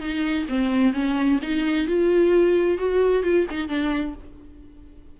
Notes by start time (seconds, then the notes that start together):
0.00 D#4
0.49 C4
0.94 C#4
1.42 D#4
1.87 F4
2.78 F#4
3.23 F4
3.51 D#4
3.69 D4